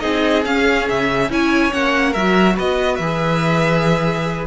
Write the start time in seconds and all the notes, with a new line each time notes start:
0.00 C4 D#4 G#4 D#5
0.45 C#4 F5
0.89 C#3 E5
1.29 C#4 E4 C#5 G#5
1.70 A#3 C#4 F#5
2.11 F#3 F#4 A#4 E5
2.55 B3 B4 D#5
2.96 E3 G#4 E5